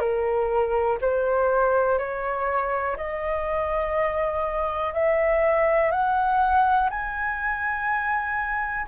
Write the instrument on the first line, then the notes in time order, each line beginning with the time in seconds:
flute
0.00 A#4
1.01 C5
1.99 C#5
2.97 D#5
4.94 E5
5.92 F#5
6.90 G#5